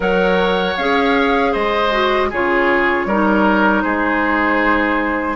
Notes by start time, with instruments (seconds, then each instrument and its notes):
0.00 bassoon F#3, clarinet A#4, oboe C#5, flute F#5
0.76 bassoon C#4, clarinet G#4, flute F5
1.52 bassoon G#3, oboe C5, flute D#5
1.91 clarinet F#4
2.29 bassoon C#3, clarinet F4, oboe G#4, flute C#5
3.05 bassoon G3, clarinet D#4, oboe A#4
3.82 bassoon G#3, oboe G#4, flute C5